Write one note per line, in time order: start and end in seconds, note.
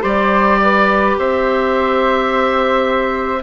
0.00 1.17 G3
0.00 3.40 G4
0.00 0.58 C5
0.00 1.17 D5
0.62 1.19 B4
1.18 3.42 C4
1.18 3.42 C5
1.18 3.42 E5